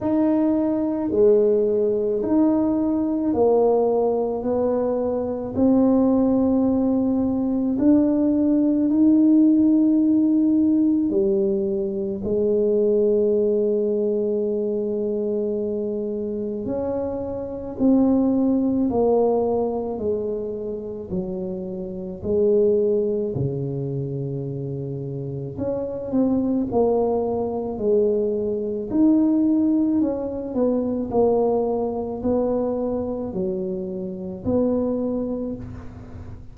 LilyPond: \new Staff \with { instrumentName = "tuba" } { \time 4/4 \tempo 4 = 54 dis'4 gis4 dis'4 ais4 | b4 c'2 d'4 | dis'2 g4 gis4~ | gis2. cis'4 |
c'4 ais4 gis4 fis4 | gis4 cis2 cis'8 c'8 | ais4 gis4 dis'4 cis'8 b8 | ais4 b4 fis4 b4 | }